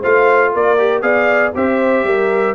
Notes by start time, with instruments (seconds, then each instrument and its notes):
0.00 tuba A3, trombone F4, horn C5, trumpet F5
0.54 tuba A#3, horn A#4, trumpet D5
0.78 trombone G4
1.01 tuba B3, trombone G#4, horn D5, trumpet F5
1.55 tuba C4, trombone G4, horn C5, trumpet E5
2.04 tuba G3, horn A#4